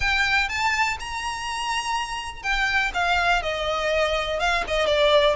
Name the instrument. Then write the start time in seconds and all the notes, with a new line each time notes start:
violin
0.00 G5
0.48 A5
0.99 A#5
2.42 G5
2.94 F5
3.42 D#5
4.39 F5
4.67 D#5
4.86 D5